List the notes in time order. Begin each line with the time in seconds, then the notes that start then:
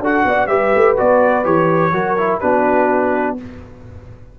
0.00 D4 F#4 A4 F#5
0.25 B3 D5
0.47 G3 G4 B4 E5
0.75 A3
0.97 B3 F#4 D5
1.44 E3 G4 C#5
1.92 F#3 F#4 A#4
2.18 E4
2.40 B3 D4 F#4 B4